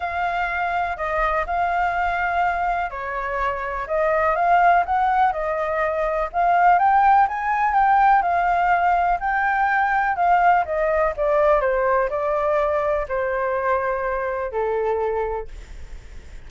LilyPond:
\new Staff \with { instrumentName = "flute" } { \time 4/4 \tempo 4 = 124 f''2 dis''4 f''4~ | f''2 cis''2 | dis''4 f''4 fis''4 dis''4~ | dis''4 f''4 g''4 gis''4 |
g''4 f''2 g''4~ | g''4 f''4 dis''4 d''4 | c''4 d''2 c''4~ | c''2 a'2 | }